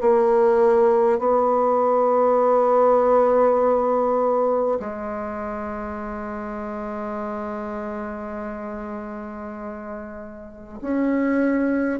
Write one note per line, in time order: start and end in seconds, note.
0.00 1.18 A#3
1.18 4.78 B3
4.79 10.79 G#3
10.81 11.99 C#4